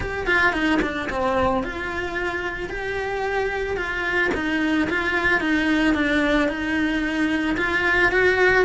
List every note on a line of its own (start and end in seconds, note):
0.00 0.27 G4
0.27 0.52 F4
0.52 0.79 D#4
0.81 1.08 D4
1.09 1.63 C4
1.63 2.69 F4
2.69 3.76 G4
3.76 4.30 F4
4.34 4.88 D#4
4.89 5.40 F4
5.40 5.94 D#4
5.94 6.48 D4
6.48 7.56 D#4
7.57 8.11 F4
8.11 8.65 F#4